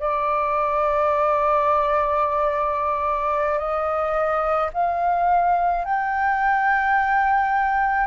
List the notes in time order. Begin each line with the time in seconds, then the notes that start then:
0.00 D5
3.59 D#5
4.74 F5
5.85 G5